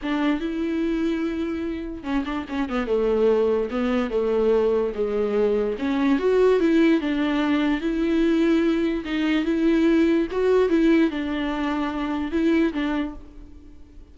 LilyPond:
\new Staff \with { instrumentName = "viola" } { \time 4/4 \tempo 4 = 146 d'4 e'2.~ | e'4 cis'8 d'8 cis'8 b8 a4~ | a4 b4 a2 | gis2 cis'4 fis'4 |
e'4 d'2 e'4~ | e'2 dis'4 e'4~ | e'4 fis'4 e'4 d'4~ | d'2 e'4 d'4 | }